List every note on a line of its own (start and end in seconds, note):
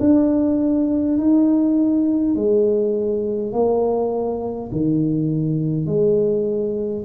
0.00 1.18 D4
1.18 2.35 D#4
2.35 3.52 G#3
3.52 4.70 A#3
4.72 5.86 D#3
5.86 7.04 G#3